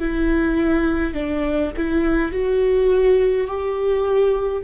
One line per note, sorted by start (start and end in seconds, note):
0.00 1.14 E4
1.14 1.72 D4
1.77 2.32 E4
2.32 3.47 F#4
3.47 4.63 G4